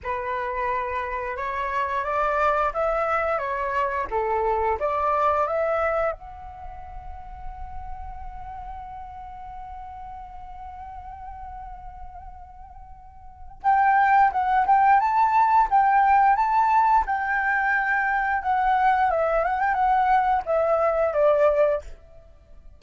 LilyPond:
\new Staff \with { instrumentName = "flute" } { \time 4/4 \tempo 4 = 88 b'2 cis''4 d''4 | e''4 cis''4 a'4 d''4 | e''4 fis''2.~ | fis''1~ |
fis''1 | g''4 fis''8 g''8 a''4 g''4 | a''4 g''2 fis''4 | e''8 fis''16 g''16 fis''4 e''4 d''4 | }